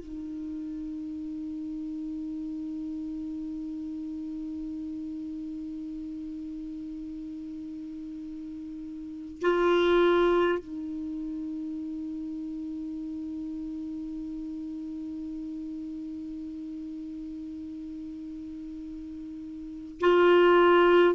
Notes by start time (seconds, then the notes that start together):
0.00 D#4
9.42 F4
10.59 D#4
20.01 F4